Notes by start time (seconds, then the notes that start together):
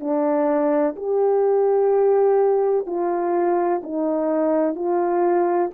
0.00 D4
0.96 G4
2.86 F4
3.83 D#4
4.75 F4